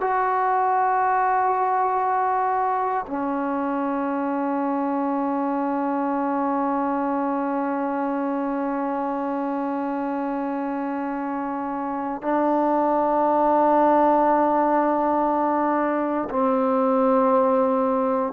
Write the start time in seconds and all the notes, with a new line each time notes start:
0.00 F#4
3.06 C#4
12.22 D4
16.29 C4